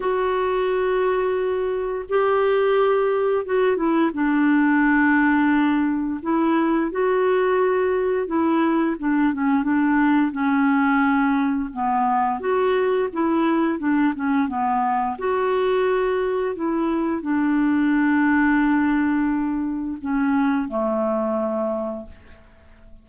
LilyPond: \new Staff \with { instrumentName = "clarinet" } { \time 4/4 \tempo 4 = 87 fis'2. g'4~ | g'4 fis'8 e'8 d'2~ | d'4 e'4 fis'2 | e'4 d'8 cis'8 d'4 cis'4~ |
cis'4 b4 fis'4 e'4 | d'8 cis'8 b4 fis'2 | e'4 d'2.~ | d'4 cis'4 a2 | }